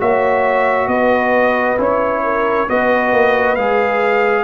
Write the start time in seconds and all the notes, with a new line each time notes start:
0.00 A#3 F#4 C#5 E5
0.88 B3 B4 D#5
1.78 C#4 E4 C#5
2.24 A#4
2.68 B3 F#4 B4 D#5
3.13 A#3
3.56 G#3 G#4 F5